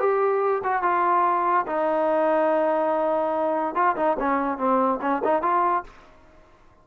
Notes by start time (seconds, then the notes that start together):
0.00 G4
0.64 F#4
0.83 F4
1.67 D#4
3.75 F4
3.96 D#4
4.20 C#4
4.58 C4
5.02 C#4
5.24 D#4
5.42 F4